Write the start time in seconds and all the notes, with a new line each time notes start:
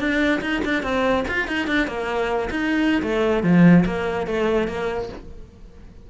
0.00 D4
0.42 D#4
0.65 D4
0.83 C4
1.28 F4
1.48 D#4
1.68 D4
1.88 A#3
2.51 D#4
3.03 A3
3.44 F3
3.86 A#3
4.27 A3
4.68 A#3